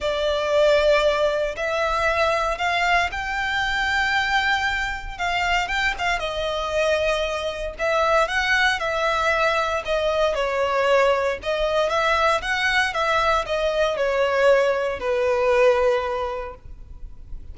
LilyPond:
\new Staff \with { instrumentName = "violin" } { \time 4/4 \tempo 4 = 116 d''2. e''4~ | e''4 f''4 g''2~ | g''2 f''4 g''8 f''8 | dis''2. e''4 |
fis''4 e''2 dis''4 | cis''2 dis''4 e''4 | fis''4 e''4 dis''4 cis''4~ | cis''4 b'2. | }